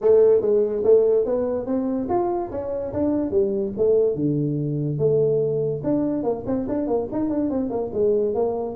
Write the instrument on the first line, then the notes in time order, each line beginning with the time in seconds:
tuba
0.01 A3
0.41 G#3
0.84 A3
1.25 B3
1.66 C4
2.09 F4
2.51 C#4
2.93 D4
3.30 G3
3.77 A3
4.15 D3
4.98 A3
5.83 D4
6.23 A#3
6.46 C4
6.68 D4
6.87 A#3
7.12 D#4
7.29 D4
7.49 C4
7.70 A#3
7.93 G#3
8.34 A#3